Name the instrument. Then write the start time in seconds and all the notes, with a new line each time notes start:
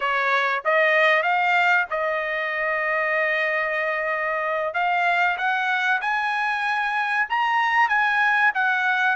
trumpet
0.00 C#5
0.65 D#5
1.22 F5
1.90 D#5
4.74 F5
5.37 F#5
6.01 G#5
7.29 A#5
7.89 G#5
8.54 F#5